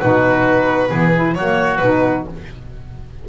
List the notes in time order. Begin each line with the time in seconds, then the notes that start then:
0.00 B2 D#4 F#4 B4
0.89 E3 B3 G#4
1.15 E4
1.34 F#3 A#3 F#4 C#5
1.77 B2 D#4 B4